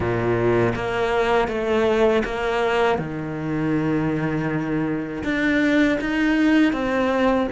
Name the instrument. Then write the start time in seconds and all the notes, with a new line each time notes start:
cello
0.00 A#2
0.75 A#3
1.48 A3
2.24 A#3
2.98 D#3
5.23 D4
6.00 D#4
6.72 C4